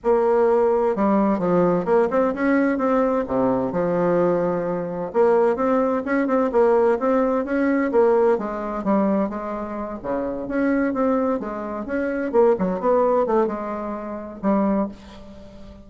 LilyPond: \new Staff \with { instrumentName = "bassoon" } { \time 4/4 \tempo 4 = 129 ais2 g4 f4 | ais8 c'8 cis'4 c'4 c4 | f2. ais4 | c'4 cis'8 c'8 ais4 c'4 |
cis'4 ais4 gis4 g4 | gis4. cis4 cis'4 c'8~ | c'8 gis4 cis'4 ais8 fis8 b8~ | b8 a8 gis2 g4 | }